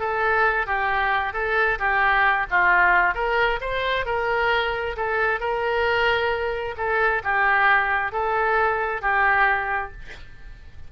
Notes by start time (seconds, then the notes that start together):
0.00 A4
0.67 G4
1.34 A4
1.79 G4
2.51 F4
3.15 A#4
3.61 C5
4.06 A#4
4.97 A4
5.40 A#4
6.78 A4
7.24 G4
8.13 A4
9.02 G4